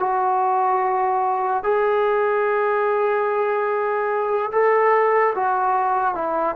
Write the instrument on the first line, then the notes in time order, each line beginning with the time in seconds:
trombone
0.00 F#4
1.64 G#4
4.52 A4
5.35 F#4
6.15 E4